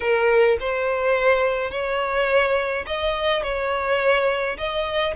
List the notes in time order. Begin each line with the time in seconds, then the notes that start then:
0.00 A#4
0.59 C5
1.71 C#5
2.86 D#5
3.42 C#5
4.57 D#5